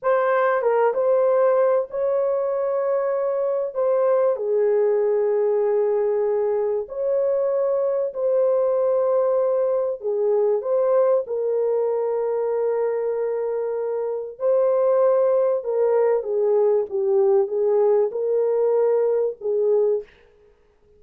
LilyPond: \new Staff \with { instrumentName = "horn" } { \time 4/4 \tempo 4 = 96 c''4 ais'8 c''4. cis''4~ | cis''2 c''4 gis'4~ | gis'2. cis''4~ | cis''4 c''2. |
gis'4 c''4 ais'2~ | ais'2. c''4~ | c''4 ais'4 gis'4 g'4 | gis'4 ais'2 gis'4 | }